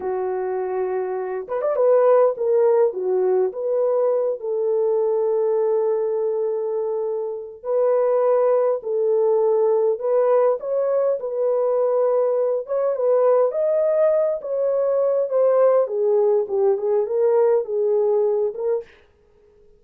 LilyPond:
\new Staff \with { instrumentName = "horn" } { \time 4/4 \tempo 4 = 102 fis'2~ fis'8 b'16 d''16 b'4 | ais'4 fis'4 b'4. a'8~ | a'1~ | a'4 b'2 a'4~ |
a'4 b'4 cis''4 b'4~ | b'4. cis''8 b'4 dis''4~ | dis''8 cis''4. c''4 gis'4 | g'8 gis'8 ais'4 gis'4. ais'8 | }